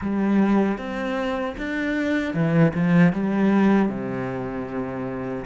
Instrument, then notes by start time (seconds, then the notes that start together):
cello
0.01 G3
0.78 C4
1.57 D4
2.33 E3
2.74 F3
3.12 G3
3.89 C3